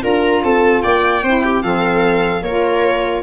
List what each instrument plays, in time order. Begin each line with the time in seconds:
0.00 tuba D4, saxophone F4, viola A#4, violin A#5
0.43 tuba C4, viola A4, violin A5
0.81 tuba A#3, viola D5, violin G5
1.23 tuba C4, saxophone E4, viola C5
1.43 viola G4
1.62 tuba F3, saxophone C4, viola A4, violin F5
2.41 tuba A#3, saxophone F4, viola A#4, violin C#5